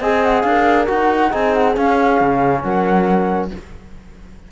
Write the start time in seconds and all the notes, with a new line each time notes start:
0.00 C4 G#4 D#5 G#5
0.24 F#5
0.42 D4 F5
0.48 A#4
0.87 D#4 F#4 F#5
1.30 C4 D#4 G#4 G#5
1.53 F#5
1.75 C#4 F5
2.21 C#3
2.62 F#3 A#4 F#5